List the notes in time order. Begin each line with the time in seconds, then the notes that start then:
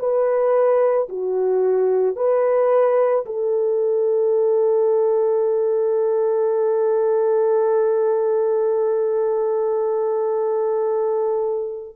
0.00 B4
1.10 F#4
2.17 B4
3.26 A4